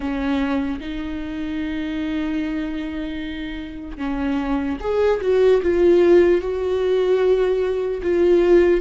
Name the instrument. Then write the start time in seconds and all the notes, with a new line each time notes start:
viola
0.00 C#4
0.80 D#4
3.97 C#4
4.80 G#4
5.21 F#4
5.62 F4
6.41 F#4
8.02 F4